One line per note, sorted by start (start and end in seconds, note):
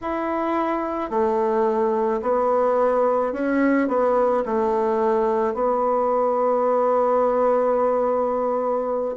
0.01 1.10 E4
1.10 2.21 A3
2.22 3.32 B3
3.32 3.88 C#4
3.88 4.43 B3
4.45 5.54 A3
5.54 9.15 B3